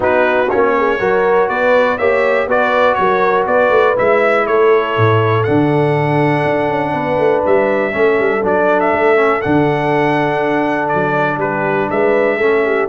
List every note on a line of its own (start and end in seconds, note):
0.00 0.50 B3
0.00 0.46 D#4
0.00 0.73 F#4
0.00 0.50 B4
0.50 1.00 A#3
0.50 0.99 C#4
0.50 1.49 C#5
0.77 0.99 G#4
0.99 1.48 F#3
0.99 1.98 F#4
0.99 1.48 A#4
1.48 1.98 B3
1.48 1.97 B4
1.48 1.98 D5
1.97 2.46 A#3
1.97 2.49 G4
1.97 2.47 C#5
1.97 2.47 E5
2.46 2.96 B3
2.46 3.96 F#4
2.46 2.97 B4
2.46 2.94 D5
2.94 3.47 F#3
2.94 3.43 C#5
3.00 3.48 A#4
3.47 3.69 B3
3.47 4.46 B4
3.47 3.96 D5
3.69 3.94 A3
3.96 4.47 G#3
3.96 5.45 E4
3.96 4.46 E5
4.46 4.97 A3
4.46 6.93 A4
4.46 5.43 C#5
4.97 5.46 A2
5.43 6.44 D3
5.43 7.91 D4
5.43 7.42 F#5
6.44 6.69 D4
6.69 6.93 C#4
6.93 7.18 B3
6.93 7.92 B4
7.18 7.43 A3
7.46 7.94 G3
7.46 8.45 E5
7.91 8.19 A3
7.91 8.41 C#4
7.91 11.40 A4
8.19 8.43 G3
8.43 8.93 F#3
8.43 9.15 D4
8.43 8.80 D5
8.80 9.41 E5
8.93 9.42 A3
9.15 9.40 C#4
9.41 10.94 D3
9.41 12.40 D4
9.41 10.88 F#5
10.88 11.37 F#3
10.88 11.38 D5
11.37 11.87 G3
11.37 11.89 G4
11.37 11.89 B4
11.90 12.39 G#3
11.90 12.37 B4
11.90 12.89 E5
12.37 12.88 A3
12.37 12.89 C#4
12.37 12.62 A4
12.65 12.89 G4